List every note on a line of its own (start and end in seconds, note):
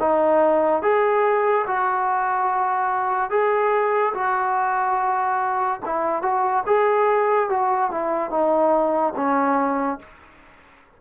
0.00 0.82 D#4
0.82 1.66 G#4
1.67 3.30 F#4
3.30 4.13 G#4
4.14 5.80 F#4
5.86 6.22 E4
6.22 6.64 F#4
6.66 7.49 G#4
7.49 7.91 F#4
7.91 8.30 E4
8.30 9.13 D#4
9.16 9.99 C#4